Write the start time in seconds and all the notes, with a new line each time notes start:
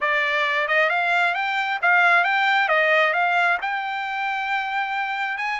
0.01 D5
0.67 D#5
0.89 F5
1.34 G5
1.82 F5
2.23 G5
2.68 D#5
3.13 F5
3.61 G5
5.37 G#5